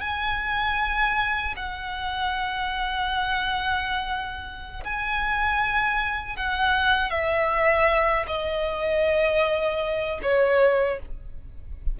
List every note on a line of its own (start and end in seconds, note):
0.00 1.54 G#5
1.56 4.83 F#5
4.84 6.36 G#5
6.36 7.10 F#5
7.10 8.26 E5
8.27 10.19 D#5
10.22 10.99 C#5